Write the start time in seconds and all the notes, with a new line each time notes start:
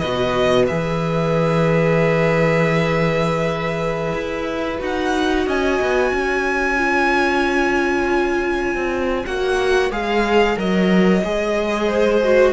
0.00 B2 F#4 B4 D#5
0.67 E3 G#4 E5
4.13 E4
4.79 D#4 F#4 F#5
5.47 C#4 D#5 G#5
5.82 B3
6.12 C#4 C#5
6.77 F4
8.76 C4
9.26 A#3 F#4 F#5
9.91 G#3 G#4 F5
10.57 F#3 A#4 D#5
11.24 G#3 G#4
11.88 C5
12.24 F#4